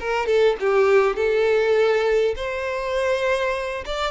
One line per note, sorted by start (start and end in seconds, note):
0.00 0.27 A#4
0.27 0.56 A4
0.60 1.16 G4
1.16 2.35 A4
2.36 3.85 C5
3.86 4.12 D5